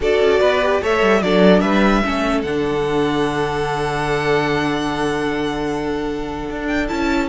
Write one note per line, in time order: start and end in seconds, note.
0.00 0.18 D4
0.00 0.61 F#4
0.00 0.40 A4
0.00 0.83 D5
0.19 0.39 C#4
0.40 0.80 B3
0.40 0.81 B4
0.61 0.82 G4
0.81 1.02 A3
0.81 1.22 A4
0.81 1.22 C#5
0.81 1.22 E5
1.02 1.21 G3
1.21 1.61 F#3
1.21 2.04 D4
1.21 1.62 A4
1.21 1.60 D5
1.60 2.02 G3
1.60 2.02 B4
1.60 2.41 E5
2.04 2.43 A3
2.04 2.44 C#4
2.04 7.28 A4
2.41 6.49 D3
2.41 6.88 D4
2.41 6.66 F#5
6.49 6.90 D4
6.66 6.87 G5
6.88 7.28 C#4
6.88 7.28 E4
6.88 7.28 A5